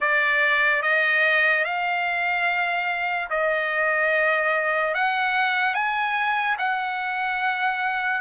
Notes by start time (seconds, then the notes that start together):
0.00 D5
0.82 D#5
1.64 F5
3.30 D#5
4.94 F#5
5.74 G#5
6.58 F#5